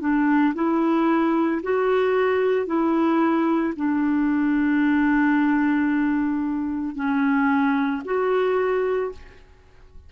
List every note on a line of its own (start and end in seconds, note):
0.00 0.54 D4
0.54 1.61 E4
1.63 2.66 F#4
2.66 3.73 E4
3.75 6.95 D4
6.95 8.02 C#4
8.05 9.12 F#4